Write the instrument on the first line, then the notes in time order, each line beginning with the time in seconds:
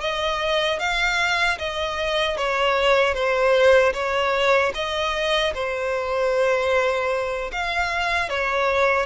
violin
0.00 D#5
0.79 F5
1.58 D#5
2.37 C#5
3.14 C5
3.93 C#5
4.74 D#5
5.54 C5
7.52 F5
8.29 C#5